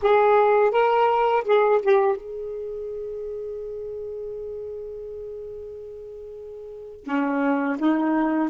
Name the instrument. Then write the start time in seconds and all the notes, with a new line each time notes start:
saxophone
0.02 G#4
0.71 A#4
1.45 G#4
1.82 G4
2.17 G#4
7.04 C#4
7.78 D#4